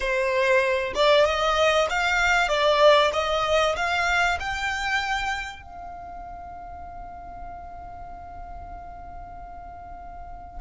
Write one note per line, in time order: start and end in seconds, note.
0.00 0.93 C5
0.95 1.25 D5
1.25 1.87 D#5
1.89 2.48 F5
2.48 3.11 D5
3.12 3.75 D#5
3.76 4.38 F5
4.39 5.62 G5
5.62 10.61 F5